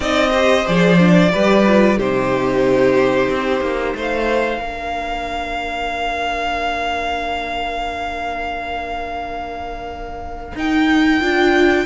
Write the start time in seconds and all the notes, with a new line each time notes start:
0.00 C4 D#4 D5 D#5
0.31 G4 C5
0.66 F3 G#4 D5
0.98 D4
1.32 G3 G4 B4
1.66 F4
1.97 C3 D#4 G4 C5
3.29 C4
3.60 A#3
3.95 A3 C5 F5
4.59 A#3 D4 A#4
10.55 D#4 G5
11.20 D4 F4